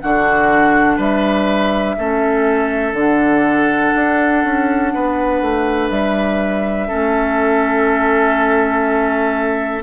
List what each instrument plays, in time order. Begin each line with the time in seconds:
0.00 bassoon D3, clarinet D4, oboe F#4, flute F#5
0.97 bassoon G3, oboe B4, flute E5
1.98 bassoon A3, clarinet C#4, oboe A4
2.93 bassoon D3, clarinet D4, flute F#5
3.95 bassoon D4
4.44 bassoon C#4
4.94 bassoon B3, oboe B4
5.41 bassoon A3
5.89 bassoon G3, flute E5
6.88 bassoon A3, clarinet C#4, oboe A4